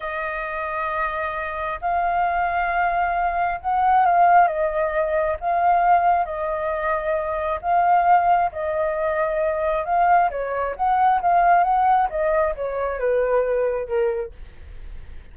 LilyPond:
\new Staff \with { instrumentName = "flute" } { \time 4/4 \tempo 4 = 134 dis''1 | f''1 | fis''4 f''4 dis''2 | f''2 dis''2~ |
dis''4 f''2 dis''4~ | dis''2 f''4 cis''4 | fis''4 f''4 fis''4 dis''4 | cis''4 b'2 ais'4 | }